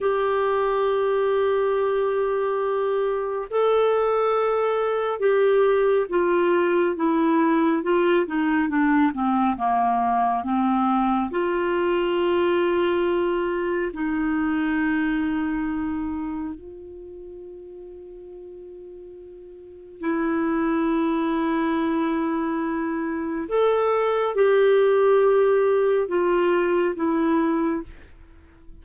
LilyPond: \new Staff \with { instrumentName = "clarinet" } { \time 4/4 \tempo 4 = 69 g'1 | a'2 g'4 f'4 | e'4 f'8 dis'8 d'8 c'8 ais4 | c'4 f'2. |
dis'2. f'4~ | f'2. e'4~ | e'2. a'4 | g'2 f'4 e'4 | }